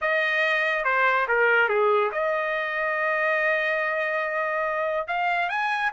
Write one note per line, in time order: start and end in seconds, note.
0.01 0.84 D#5
0.84 1.26 C5
1.28 1.69 A#4
1.69 2.11 G#4
2.11 5.07 D#5
5.07 5.49 F5
5.49 5.91 G#5